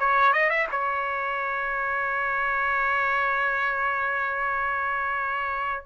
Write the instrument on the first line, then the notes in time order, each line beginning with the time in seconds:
trumpet
0.00 C#5
0.33 D#5
0.50 E5
0.72 C#5